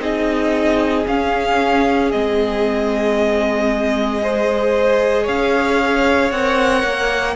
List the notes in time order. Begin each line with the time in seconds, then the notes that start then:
0.00 C4 D#4 G#4 D#5
1.06 C#4 F5
2.12 G#3 C4 D#5
4.22 G#4 C5
5.24 C#4 C#5 F5
6.32 C4 A#4 F#5
6.84 A#3